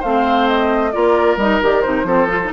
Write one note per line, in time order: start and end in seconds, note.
0.00 0.95 A3
0.00 0.93 C4
0.00 0.91 C5
0.00 0.48 F5
0.48 0.92 D#5
0.92 1.37 A#3
0.92 1.38 F4
0.92 2.07 A#4
0.92 1.37 D5
1.37 1.60 G3
1.37 1.63 D#4
1.37 1.62 D#5
1.63 1.85 D#3
1.63 1.84 G4
1.63 1.82 D5
1.82 2.04 C3
1.82 2.06 D#4
1.82 2.50 C5
2.04 2.49 F3
2.04 2.29 C4
2.04 2.53 A4
2.29 2.41 F4
2.45 2.54 D#4